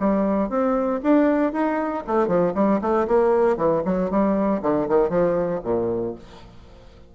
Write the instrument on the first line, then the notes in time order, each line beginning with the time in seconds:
bassoon
0.00 G3
0.50 C4
1.03 D4
1.53 D#4
2.07 A3
2.28 F3
2.55 G3
2.82 A3
3.08 A#3
3.57 E3
3.85 F#3
4.11 G3
4.62 D3
4.89 D#3
5.10 F3
5.64 A#2